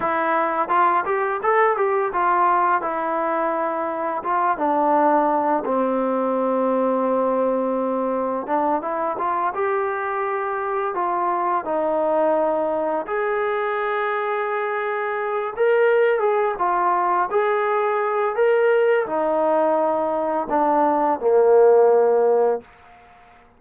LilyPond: \new Staff \with { instrumentName = "trombone" } { \time 4/4 \tempo 4 = 85 e'4 f'8 g'8 a'8 g'8 f'4 | e'2 f'8 d'4. | c'1 | d'8 e'8 f'8 g'2 f'8~ |
f'8 dis'2 gis'4.~ | gis'2 ais'4 gis'8 f'8~ | f'8 gis'4. ais'4 dis'4~ | dis'4 d'4 ais2 | }